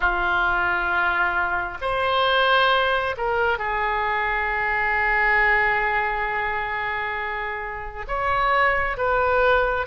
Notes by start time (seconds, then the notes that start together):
0.00 F4
1.81 C5
3.17 A#4
3.58 G#4
8.07 C#5
8.97 B4